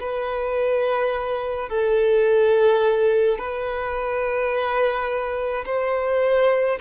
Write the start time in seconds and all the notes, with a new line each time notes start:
0.00 B4
1.70 A4
3.39 B4
5.66 C5